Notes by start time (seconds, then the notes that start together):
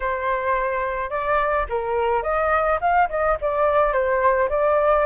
0.00 C5
1.10 D5
1.69 A#4
2.23 D#5
2.80 F5
3.09 D#5
3.41 D5
3.92 C5
4.49 D5